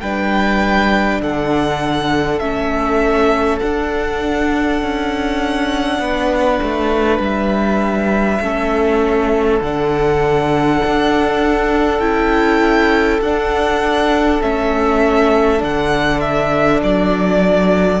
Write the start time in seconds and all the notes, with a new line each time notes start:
0.00 G3 D4 B4 G5
1.21 D3 A4 F#5
2.39 A3 C#4 E5
3.59 D4 F#5
4.82 C#4
5.99 B3 B4
6.62 A3
7.19 G3 E5
8.40 A3 C#4 A4
9.61 D3 D4 F#5
10.85 D4
11.99 C#4 E4 G5
13.20 D4 F#5
14.41 A3 C#4 E5
15.58 D3 D4 F#5
16.20 E5
16.82 F#3 D5